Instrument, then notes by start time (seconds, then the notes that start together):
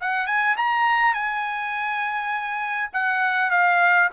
trumpet
0.00 F#5
0.26 G#5
0.56 A#5
1.13 G#5
2.93 F#5
3.51 F5